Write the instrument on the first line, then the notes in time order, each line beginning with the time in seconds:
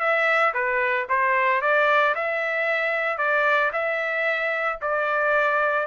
trumpet
0.00 E5
0.54 B4
1.09 C5
1.62 D5
2.15 E5
3.18 D5
3.73 E5
4.82 D5